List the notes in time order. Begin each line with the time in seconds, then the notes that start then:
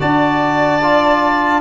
0.00 D4 F#4 D5 A5
0.82 F4